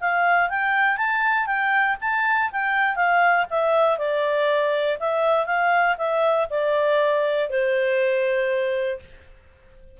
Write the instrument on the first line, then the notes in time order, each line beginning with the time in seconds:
clarinet
0.00 F5
0.50 G5
0.97 A5
1.46 G5
2.01 A5
2.52 G5
2.96 F5
3.50 E5
3.98 D5
5.00 E5
5.46 F5
5.97 E5
6.50 D5
7.49 C5